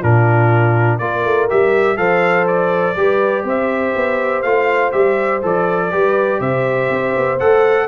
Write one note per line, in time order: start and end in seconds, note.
0.00 1.00 A#2
0.00 1.01 D4
0.00 0.98 F4
0.00 0.98 A#4
0.98 1.24 A#3
0.98 1.49 F4
0.98 1.98 A#4
0.98 1.47 D5
1.25 1.49 A3
1.49 1.97 G3
1.49 1.97 G4
1.49 1.97 E5
1.97 2.96 F3
1.97 2.95 A4
1.97 2.96 C5
1.97 2.46 F5
2.47 3.45 D5
2.96 3.44 G3
2.96 4.45 G4
2.96 3.43 B4
3.43 3.93 C4
3.43 5.89 C5
3.43 4.42 E5
3.96 4.43 B3
4.42 4.92 A3
4.42 4.92 F4
4.42 4.92 F5
4.92 5.43 G3
4.92 5.42 G4
4.92 5.41 E5
5.42 5.93 F3
5.42 5.91 A4
5.42 6.41 D5
5.90 6.40 G3
5.90 7.39 G4
5.90 6.40 B4
6.40 6.89 C3
6.40 7.87 C5
6.40 7.39 E5
6.90 7.15 C4
7.17 7.41 B3
7.39 7.88 A3
7.39 7.88 A4
7.39 7.88 F#5